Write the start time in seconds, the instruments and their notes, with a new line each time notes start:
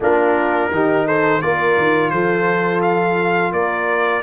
0.00 tuba A#3, trombone D4, horn F4, trumpet A#4
0.71 tuba D#3, trombone D#4, horn G4
1.06 horn A4, trumpet C5
1.41 tuba A#3, trombone F4, horn A#4, trumpet D5
1.77 tuba D#3
2.10 tuba F3, horn A4, trumpet C5
2.81 trumpet F5
3.52 tuba A#3, horn A#4, trumpet D5